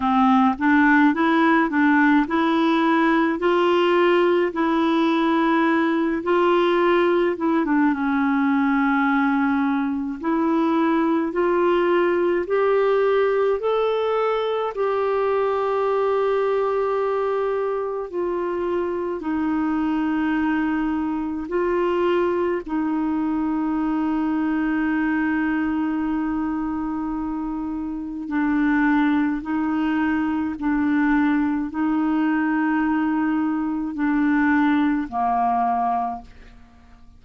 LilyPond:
\new Staff \with { instrumentName = "clarinet" } { \time 4/4 \tempo 4 = 53 c'8 d'8 e'8 d'8 e'4 f'4 | e'4. f'4 e'16 d'16 cis'4~ | cis'4 e'4 f'4 g'4 | a'4 g'2. |
f'4 dis'2 f'4 | dis'1~ | dis'4 d'4 dis'4 d'4 | dis'2 d'4 ais4 | }